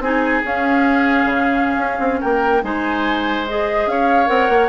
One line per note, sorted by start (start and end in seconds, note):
0.00 0.42 C4
0.00 0.44 D#4
0.00 2.20 G#4
0.00 0.45 G#5
0.44 2.62 C#4
0.44 1.25 C#4
0.44 2.21 F5
1.25 1.77 C#3
1.78 1.99 C#4
1.99 2.20 C4
2.20 2.63 A#3
2.20 2.62 A#4
2.20 2.63 G5
2.62 3.87 G#3
2.62 3.46 D#4
2.62 3.90 C5
2.62 3.47 G#5
3.47 4.26 G#4
3.47 3.89 D#5
3.87 4.28 C#4
3.87 4.69 C#5
3.87 4.28 F5
4.26 4.49 C4
4.26 4.68 A#4
4.26 4.69 F#5
4.49 4.69 A#3